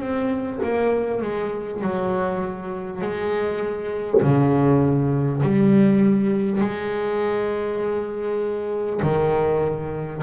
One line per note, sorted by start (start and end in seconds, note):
0.00 0.60 C4
0.63 1.22 A#3
1.22 1.82 G#3
1.82 3.02 F#3
3.02 4.22 G#3
4.22 5.42 C#3
5.43 6.61 G3
6.61 9.01 G#3
9.03 10.23 D#3